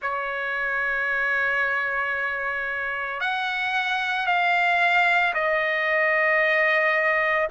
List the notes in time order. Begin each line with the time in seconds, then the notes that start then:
0.01 C#5
3.20 F#5
4.26 F5
5.34 D#5